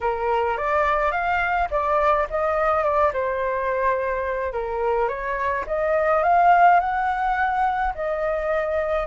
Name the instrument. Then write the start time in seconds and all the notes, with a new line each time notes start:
flute
0.00 A#4
0.57 D5
1.11 F5
1.70 D5
2.30 D#5
2.83 D5
3.13 C5
4.53 A#4
5.08 C#5
5.66 D#5
6.23 F5
6.80 F#5
7.95 D#5